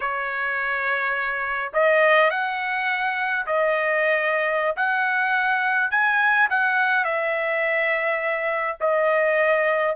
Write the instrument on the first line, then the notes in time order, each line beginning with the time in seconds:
trumpet
0.00 C#5
1.73 D#5
2.30 F#5
3.46 D#5
4.76 F#5
5.91 G#5
6.50 F#5
7.04 E5
8.80 D#5